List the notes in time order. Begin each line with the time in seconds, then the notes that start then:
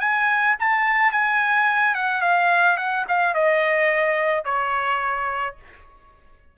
0.00 G#5
0.59 A5
1.12 G#5
1.94 F#5
2.21 F5
2.77 F#5
3.08 F5
3.34 D#5
4.45 C#5